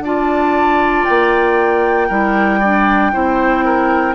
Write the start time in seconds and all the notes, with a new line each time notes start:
0.00 D4 F4 D5 A5
1.04 A#3 G5
2.08 G3 E4 A#4
2.59 D4 D5
3.12 C4 E4 C5
3.64 A#4